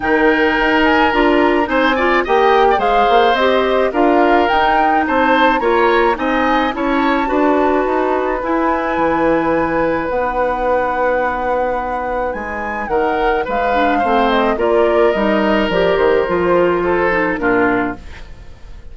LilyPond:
<<
  \new Staff \with { instrumentName = "flute" } { \time 4/4 \tempo 4 = 107 g''4. gis''8 ais''4 gis''4 | g''4 f''4 dis''4 f''4 | g''4 a''4 ais''4 gis''4 | a''2. gis''4~ |
gis''2 fis''2~ | fis''2 gis''4 fis''4 | f''4. dis''8 d''4 dis''4 | d''8 c''2~ c''8 ais'4 | }
  \new Staff \with { instrumentName = "oboe" } { \time 4/4 ais'2. c''8 d''8 | dis''8. d''16 c''2 ais'4~ | ais'4 c''4 cis''4 dis''4 | cis''4 b'2.~ |
b'1~ | b'2. ais'4 | b'4 c''4 ais'2~ | ais'2 a'4 f'4 | }
  \new Staff \with { instrumentName = "clarinet" } { \time 4/4 dis'2 f'4 dis'8 f'8 | g'4 gis'4 g'4 f'4 | dis'2 f'4 dis'4 | e'4 fis'2 e'4~ |
e'2 dis'2~ | dis'1~ | dis'8 d'8 c'4 f'4 dis'4 | g'4 f'4. dis'8 d'4 | }
  \new Staff \with { instrumentName = "bassoon" } { \time 4/4 dis4 dis'4 d'4 c'4 | ais4 gis8 ais8 c'4 d'4 | dis'4 c'4 ais4 c'4 | cis'4 d'4 dis'4 e'4 |
e2 b2~ | b2 gis4 dis4 | gis4 a4 ais4 g4 | f8 dis8 f2 ais,4 | }
>>